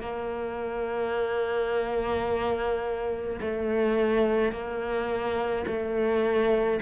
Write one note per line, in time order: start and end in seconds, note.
0.00 3.40 A#3
3.40 4.52 A3
4.52 5.65 A#3
5.67 6.80 A3